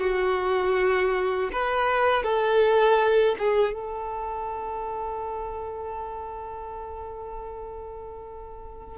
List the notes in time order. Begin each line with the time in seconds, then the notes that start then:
0.00 F#4
1.52 B4
2.23 A4
3.38 G#4
3.74 A4